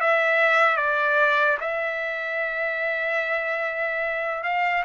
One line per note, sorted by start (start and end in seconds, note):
0.00 0.76 E5
0.76 1.57 D5
1.60 4.43 E5
4.43 4.84 F5